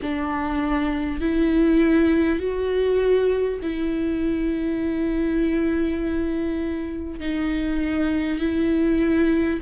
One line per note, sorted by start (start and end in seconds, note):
0.02 1.21 D4
1.21 2.39 E4
2.39 3.59 F#4
3.62 7.20 E4
7.20 8.39 D#4
8.39 9.59 E4